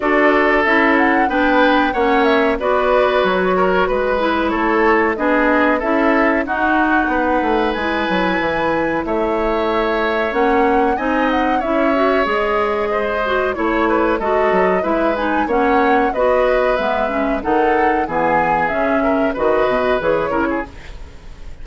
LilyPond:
<<
  \new Staff \with { instrumentName = "flute" } { \time 4/4 \tempo 4 = 93 d''4 e''8 fis''8 g''4 fis''8 e''8 | d''4 cis''4 b'4 cis''4 | dis''4 e''4 fis''2 | gis''2 e''2 |
fis''4 gis''8 fis''8 e''4 dis''4~ | dis''4 cis''4 dis''4 e''8 gis''8 | fis''4 dis''4 e''4 fis''4 | gis''4 e''4 dis''4 cis''4 | }
  \new Staff \with { instrumentName = "oboe" } { \time 4/4 a'2 b'4 cis''4 | b'4. ais'8 b'4 a'4 | gis'4 a'4 fis'4 b'4~ | b'2 cis''2~ |
cis''4 dis''4 cis''2 | c''4 cis''8 b'8 a'4 b'4 | cis''4 b'2 a'4 | gis'4. ais'8 b'4. ais'16 gis'16 | }
  \new Staff \with { instrumentName = "clarinet" } { \time 4/4 fis'4 e'4 d'4 cis'4 | fis'2~ fis'8 e'4. | d'4 e'4 dis'2 | e'1 |
cis'4 dis'4 e'8 fis'8 gis'4~ | gis'8 fis'8 e'4 fis'4 e'8 dis'8 | cis'4 fis'4 b8 cis'8 dis'4 | b4 cis'4 fis'4 gis'8 e'8 | }
  \new Staff \with { instrumentName = "bassoon" } { \time 4/4 d'4 cis'4 b4 ais4 | b4 fis4 gis4 a4 | b4 cis'4 dis'4 b8 a8 | gis8 fis8 e4 a2 |
ais4 c'4 cis'4 gis4~ | gis4 a4 gis8 fis8 gis4 | ais4 b4 gis4 dis4 | e4 cis4 dis8 b,8 e8 cis8 | }
>>